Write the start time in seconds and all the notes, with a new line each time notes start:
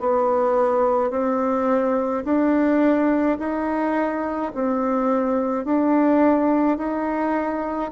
0.00 B3
1.11 C4
2.25 D4
3.39 D#4
4.55 C4
5.65 D4
6.78 D#4